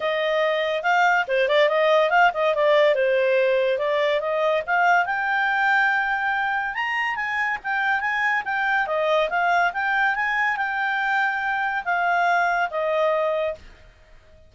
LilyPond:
\new Staff \with { instrumentName = "clarinet" } { \time 4/4 \tempo 4 = 142 dis''2 f''4 c''8 d''8 | dis''4 f''8 dis''8 d''4 c''4~ | c''4 d''4 dis''4 f''4 | g''1 |
ais''4 gis''4 g''4 gis''4 | g''4 dis''4 f''4 g''4 | gis''4 g''2. | f''2 dis''2 | }